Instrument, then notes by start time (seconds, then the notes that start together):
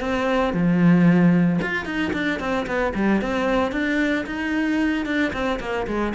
cello
0.00 C4
0.53 F3
1.61 F4
1.85 D#4
2.13 D4
2.39 C4
2.66 B3
2.95 G3
3.21 C4
3.72 D4
4.26 D#4
5.06 D4
5.33 C4
5.60 A#3
5.87 G#3